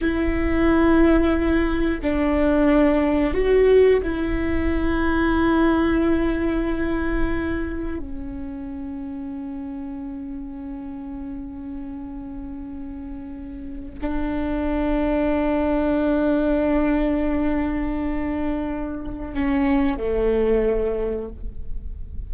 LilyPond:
\new Staff \with { instrumentName = "viola" } { \time 4/4 \tempo 4 = 90 e'2. d'4~ | d'4 fis'4 e'2~ | e'1 | cis'1~ |
cis'1~ | cis'4 d'2.~ | d'1~ | d'4 cis'4 a2 | }